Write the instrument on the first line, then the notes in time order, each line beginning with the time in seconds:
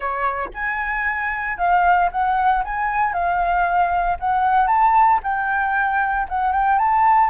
flute
0.00 C#5
0.54 G#5
1.57 F5
2.11 F#5
2.64 G#5
3.13 F5
4.19 F#5
4.67 A5
5.23 G5
6.28 F#5
6.52 G5
6.78 A5